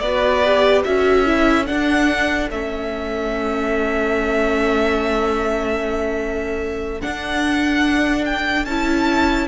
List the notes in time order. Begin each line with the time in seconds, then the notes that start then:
0.00 B3 F#4 B4 D5
0.45 G4
0.84 C#4 F#4 A4 E5
1.26 E4
1.66 D4 F#5
2.50 A3 C#4 E5
7.01 D4 F#5
8.25 G5
8.66 C#4 E4 A5